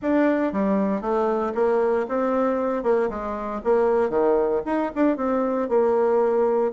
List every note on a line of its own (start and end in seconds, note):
0.02 0.52 D4
0.52 1.01 G3
1.01 1.53 A3
1.54 2.06 A#3
2.08 2.83 C4
2.83 3.09 A#3
3.09 3.61 G#3
3.63 4.09 A#3
4.09 4.61 D#3
4.65 4.91 D#4
4.95 5.17 D4
5.17 5.68 C4
5.68 6.72 A#3